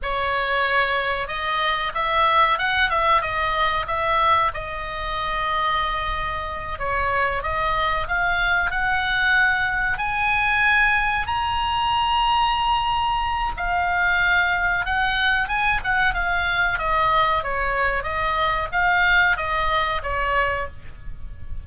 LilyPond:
\new Staff \with { instrumentName = "oboe" } { \time 4/4 \tempo 4 = 93 cis''2 dis''4 e''4 | fis''8 e''8 dis''4 e''4 dis''4~ | dis''2~ dis''8 cis''4 dis''8~ | dis''8 f''4 fis''2 gis''8~ |
gis''4. ais''2~ ais''8~ | ais''4 f''2 fis''4 | gis''8 fis''8 f''4 dis''4 cis''4 | dis''4 f''4 dis''4 cis''4 | }